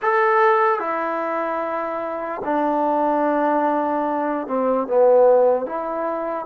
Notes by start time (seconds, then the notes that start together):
0.01 A4
0.79 E4
2.44 D4
4.47 C4
4.87 B3
5.65 E4